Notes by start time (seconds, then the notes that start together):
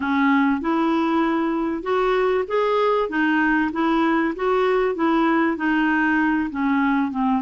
0.00 C#4
0.60 E4
1.82 F#4
2.47 G#4
3.09 D#4
3.72 E4
4.35 F#4
4.95 E4
5.57 D#4
6.50 C#4
7.11 C4